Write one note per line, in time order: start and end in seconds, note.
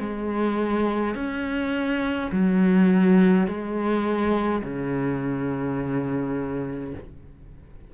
0.00 1.15 G#3
1.15 2.30 C#4
2.32 3.47 F#3
3.47 4.63 G#3
4.64 6.94 C#3